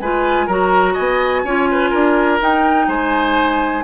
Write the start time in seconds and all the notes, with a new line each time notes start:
0.00 G#3 F4 B4 G#5
0.47 F#3 F#4 A#4 A#5
0.93 B3 D#5 G#5
1.44 C#4 F4 C#5
1.71 B4
1.90 D4 A#4
2.40 D#4 G5
2.88 G#3 C5 G#5